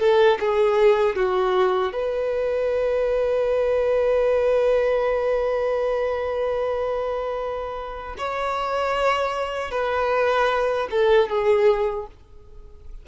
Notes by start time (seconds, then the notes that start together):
0.00 A4
0.40 G#4
1.17 F#4
1.93 B4
8.18 C#5
9.72 B4
10.91 A4
11.30 G#4